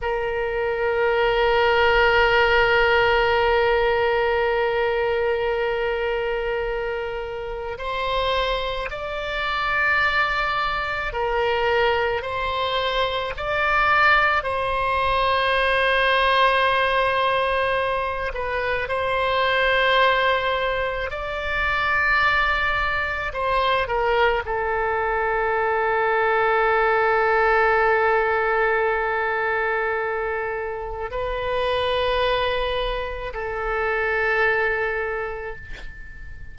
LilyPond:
\new Staff \with { instrumentName = "oboe" } { \time 4/4 \tempo 4 = 54 ais'1~ | ais'2. c''4 | d''2 ais'4 c''4 | d''4 c''2.~ |
c''8 b'8 c''2 d''4~ | d''4 c''8 ais'8 a'2~ | a'1 | b'2 a'2 | }